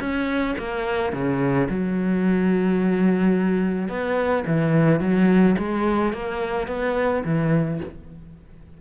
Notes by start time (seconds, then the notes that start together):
0.00 C#4
0.58 A#3
1.13 C#3
1.69 F#3
3.89 B3
4.47 E3
5.00 F#3
5.58 G#3
6.13 A#3
6.67 B3
7.25 E3